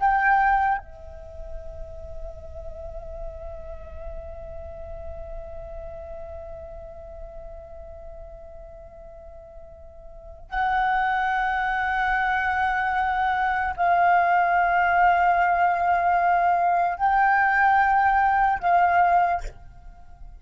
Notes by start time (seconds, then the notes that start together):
0.00 G5
0.79 E5
10.50 F#5
13.77 F5
16.98 G5
18.60 F5